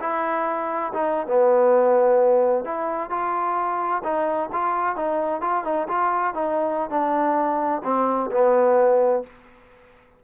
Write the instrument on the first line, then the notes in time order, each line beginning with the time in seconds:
trombone
0.00 E4
0.93 D#4
1.27 B3
2.65 E4
3.10 F4
4.03 D#4
4.52 F4
4.96 D#4
5.41 F4
5.64 D#4
5.88 F4
6.34 D#4
6.90 D4
7.84 C4
8.31 B3